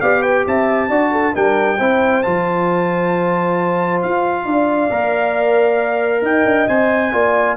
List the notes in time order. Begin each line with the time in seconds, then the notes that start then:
0.00 B3 G4 D5 F5
0.21 B4 G5
0.46 C4 E5 A5
0.89 D4 F#4 D5
1.11 A4
1.33 G3 D4 A#4 G5
1.77 C4 E4 C5
2.22 F3 F4 A5
4.02 F4 F5
4.45 D4 D5
4.90 A#3 A#4
6.21 D#4 D#5 G5
6.45 D4
6.67 C4 C5 G#5
7.12 A#3 F4 D5